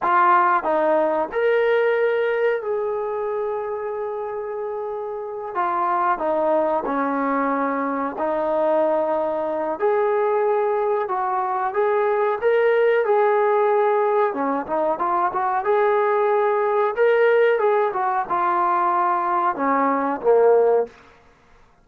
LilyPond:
\new Staff \with { instrumentName = "trombone" } { \time 4/4 \tempo 4 = 92 f'4 dis'4 ais'2 | gis'1~ | gis'8 f'4 dis'4 cis'4.~ | cis'8 dis'2~ dis'8 gis'4~ |
gis'4 fis'4 gis'4 ais'4 | gis'2 cis'8 dis'8 f'8 fis'8 | gis'2 ais'4 gis'8 fis'8 | f'2 cis'4 ais4 | }